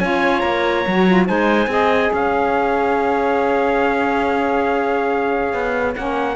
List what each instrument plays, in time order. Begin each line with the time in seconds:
0.00 cello C#4, saxophone F4, clarinet C#5, trumpet G#5
0.40 cello A#3, trumpet A#5
0.87 cello F#3, saxophone F#4
1.07 saxophone F4
1.27 cello G#3, saxophone D#4, clarinet C5, trumpet G#5
1.67 cello C4, saxophone G#4, clarinet D#5
2.13 cello C#4, clarinet C#5, trumpet F5
5.54 cello B3
5.96 cello A#3, saxophone C#4, trumpet F#5